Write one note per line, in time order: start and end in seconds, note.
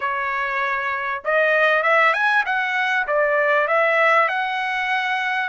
0.00 1.22 C#5
1.24 1.82 D#5
1.82 2.13 E5
2.13 2.44 G#5
2.45 3.06 F#5
3.07 3.67 D5
3.67 4.28 E5
4.28 5.49 F#5